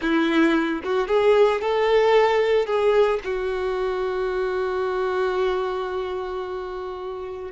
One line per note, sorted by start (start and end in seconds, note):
0.01 0.82 E4
0.83 1.07 F#4
1.07 1.61 G#4
1.61 2.66 A4
2.66 3.19 G#4
3.24 7.51 F#4